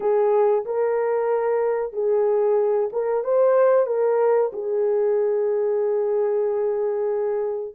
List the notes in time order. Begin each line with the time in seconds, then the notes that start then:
0.00 G#4
0.65 A#4
1.92 G#4
2.92 A#4
3.24 C5
3.86 A#4
4.52 G#4